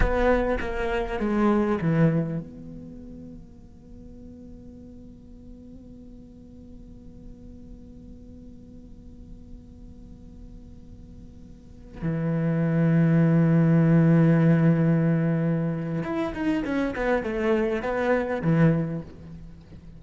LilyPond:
\new Staff \with { instrumentName = "cello" } { \time 4/4 \tempo 4 = 101 b4 ais4 gis4 e4 | b1~ | b1~ | b1~ |
b1~ | b16 e2.~ e8.~ | e2. e'8 dis'8 | cis'8 b8 a4 b4 e4 | }